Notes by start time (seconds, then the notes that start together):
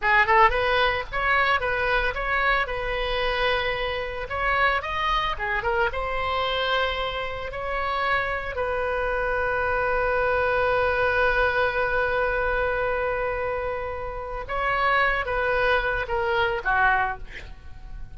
0.01 G#4
0.26 A4
0.49 B4
1.12 C#5
1.60 B4
2.14 C#5
2.66 B4
4.29 C#5
4.81 D#5
5.38 G#4
5.62 A#4
5.92 C5
7.51 C#5
8.55 B4
14.48 C#5
15.25 B4
16.08 A#4
16.64 F#4